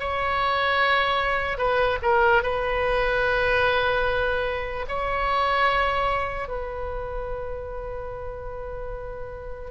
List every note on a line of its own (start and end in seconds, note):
0.00 1.58 C#5
1.58 1.99 B4
2.02 2.43 A#4
2.43 4.86 B4
4.89 6.49 C#5
6.49 9.71 B4